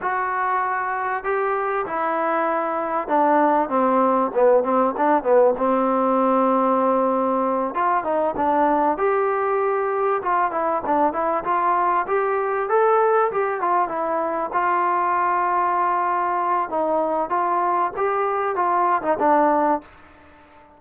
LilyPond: \new Staff \with { instrumentName = "trombone" } { \time 4/4 \tempo 4 = 97 fis'2 g'4 e'4~ | e'4 d'4 c'4 b8 c'8 | d'8 b8 c'2.~ | c'8 f'8 dis'8 d'4 g'4.~ |
g'8 f'8 e'8 d'8 e'8 f'4 g'8~ | g'8 a'4 g'8 f'8 e'4 f'8~ | f'2. dis'4 | f'4 g'4 f'8. dis'16 d'4 | }